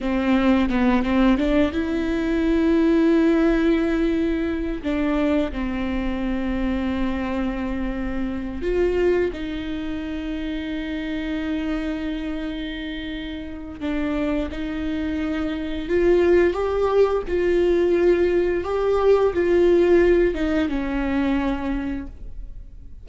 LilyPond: \new Staff \with { instrumentName = "viola" } { \time 4/4 \tempo 4 = 87 c'4 b8 c'8 d'8 e'4.~ | e'2. d'4 | c'1~ | c'8 f'4 dis'2~ dis'8~ |
dis'1 | d'4 dis'2 f'4 | g'4 f'2 g'4 | f'4. dis'8 cis'2 | }